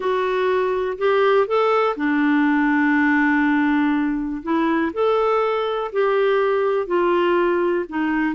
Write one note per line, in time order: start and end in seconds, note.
0.00 0.97 F#4
0.97 1.47 G4
1.47 1.96 A4
1.96 4.42 D4
4.42 4.92 E4
4.93 5.91 A4
5.92 6.87 G4
6.87 7.85 F4
7.88 8.35 D#4